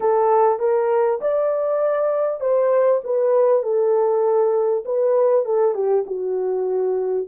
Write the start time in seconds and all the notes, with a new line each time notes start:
0.00 A4
0.59 A#4
1.21 D5
2.40 C5
3.03 B4
3.62 A4
4.85 B4
5.45 A4
5.74 G4
6.06 F#4